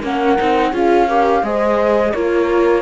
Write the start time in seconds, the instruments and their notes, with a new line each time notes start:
0.00 cello A#3, viola C#4, horn A#4, flute F#5
0.37 cello C4, viola D#4
0.71 cello C#4, viola F4, horn G#4, flute F5
1.07 viola G4, horn A#4
1.42 cello G#3, viola G#4, horn C5, flute D#5
2.12 cello A#3, viola F4, horn A#4, flute C#5